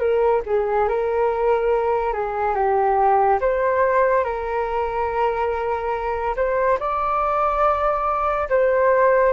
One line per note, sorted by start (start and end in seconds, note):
0.00 0.42 A#4
0.46 0.88 G#4
0.88 2.13 A#4
2.13 2.55 G#4
2.55 3.40 G4
3.41 4.24 C5
4.24 6.36 A#4
6.36 6.79 C5
6.80 8.49 D5
8.50 9.33 C5